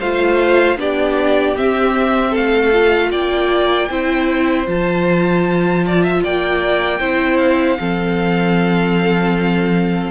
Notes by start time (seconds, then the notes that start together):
0.00 A3 F4 C5 F5
0.76 B3 D4 G4 D5
1.57 C4 E5
2.31 A3 A4 F5
2.73 F4
3.12 A#3 D5 G5
3.90 C4 E4 C5
4.66 F3 F4 A5
5.87 D5
6.04 E5
6.24 A#3 D5 G5
7.00 C4 E4 C5
7.38 F5
7.80 F3 C4 A4